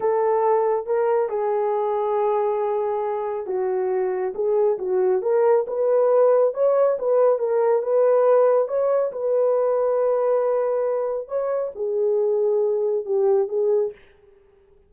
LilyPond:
\new Staff \with { instrumentName = "horn" } { \time 4/4 \tempo 4 = 138 a'2 ais'4 gis'4~ | gis'1 | fis'2 gis'4 fis'4 | ais'4 b'2 cis''4 |
b'4 ais'4 b'2 | cis''4 b'2.~ | b'2 cis''4 gis'4~ | gis'2 g'4 gis'4 | }